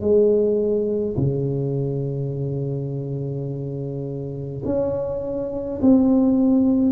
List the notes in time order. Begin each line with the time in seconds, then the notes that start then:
0.00 G#3
1.16 C#3
4.65 C#4
5.82 C4